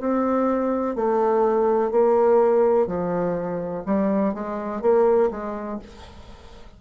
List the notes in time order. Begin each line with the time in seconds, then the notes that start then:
0.00 C4
0.96 A3
1.91 A#3
2.87 F3
3.86 G3
4.34 G#3
4.82 A#3
5.31 G#3